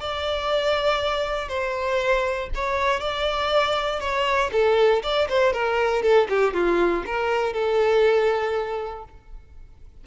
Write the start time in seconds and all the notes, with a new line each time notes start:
0.00 D5
1.48 C5
2.55 C#5
3.00 D5
4.00 C#5
4.52 A4
5.03 D5
5.29 C5
5.53 A#4
6.03 A4
6.29 G4
6.54 F4
7.06 A#4
7.53 A4